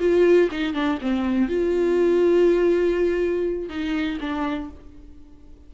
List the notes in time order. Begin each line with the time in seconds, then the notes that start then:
0.00 F4
0.51 D#4
0.73 D4
1.01 C4
1.48 F4
3.69 D#4
4.21 D4